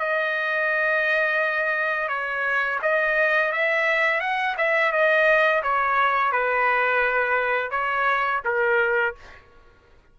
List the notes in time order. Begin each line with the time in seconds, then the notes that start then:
0.00 D#5
2.09 C#5
2.82 D#5
3.52 E5
4.21 F#5
4.58 E5
4.93 D#5
5.63 C#5
6.32 B4
7.71 C#5
8.45 A#4